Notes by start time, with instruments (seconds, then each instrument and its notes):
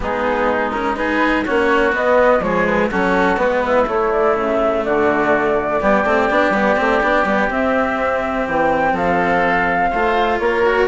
0.00 bassoon G#3, cello B3, oboe D#4, flute G#4
0.70 cello C#4, flute A#4
0.95 cello D#4, oboe G#4, flute B4
1.45 bassoon A#3, cello C#4, oboe F#4, flute C#5
1.92 cello B3, bassoon B3, flute D#5
2.39 bassoon F3, cello G#3, oboe G#4, flute C#5
2.65 flute B4
2.90 bassoon F#3, cello C#4, oboe F#4, flute A4
3.36 bassoon G#3, cello B3, flute B4
3.66 oboe E4
3.86 cello A3, bassoon A3, flute C#5
4.12 flute D5
4.35 bassoon C#3, flute E5
4.84 bassoon D3, oboe F#4, flute D5
5.80 bassoon G3, cello B3, oboe G4
6.04 bassoon A3, cello C4
6.29 bassoon B3, cello D4
6.50 bassoon G3, cello B3
6.76 bassoon A3, cello C4
7.01 bassoon B3, cello D4
7.24 bassoon G3, cello B3
7.48 bassoon C4, cello C4, flute E5
8.47 bassoon E3, flute G5
8.91 bassoon F3, oboe A4, flute F5
9.90 bassoon A3, cello F4, oboe C5
10.38 bassoon A#3, oboe A#4, flute C#5
10.66 cello F#4